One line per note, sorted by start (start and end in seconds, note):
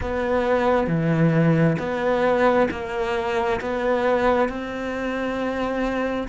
0.00 0.87 B3
0.87 1.77 E3
1.79 2.68 B3
2.71 3.60 A#3
3.60 4.48 B3
4.48 6.27 C4